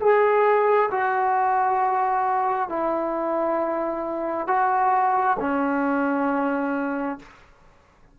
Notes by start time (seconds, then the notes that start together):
0.00 G#4
0.91 F#4
2.69 E4
4.47 F#4
5.40 C#4